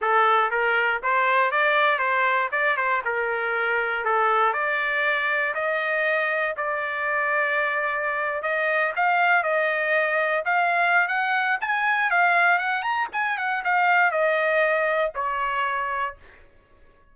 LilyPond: \new Staff \with { instrumentName = "trumpet" } { \time 4/4 \tempo 4 = 119 a'4 ais'4 c''4 d''4 | c''4 d''8 c''8 ais'2 | a'4 d''2 dis''4~ | dis''4 d''2.~ |
d''8. dis''4 f''4 dis''4~ dis''16~ | dis''8. f''4~ f''16 fis''4 gis''4 | f''4 fis''8 ais''8 gis''8 fis''8 f''4 | dis''2 cis''2 | }